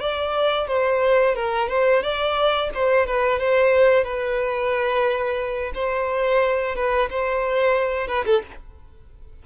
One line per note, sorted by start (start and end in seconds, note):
0.00 0.67 D5
0.67 1.35 C5
1.35 1.69 A#4
1.69 2.02 C5
2.03 2.70 D5
2.74 3.06 C5
3.06 3.39 B4
3.39 4.04 C5
4.04 5.72 B4
5.74 6.75 C5
6.75 7.09 B4
7.10 8.07 C5
8.07 8.24 B4
8.25 8.42 A4